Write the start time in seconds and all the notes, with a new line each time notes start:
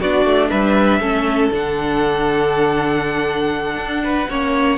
0.00 B3 D4 F#4 D5
0.25 A3
0.49 G3 B4 E5
0.99 A3 C#4 A4
1.51 D3 D4 F#5
3.77 D4
4.03 B4
4.29 A#3 C#4 C#5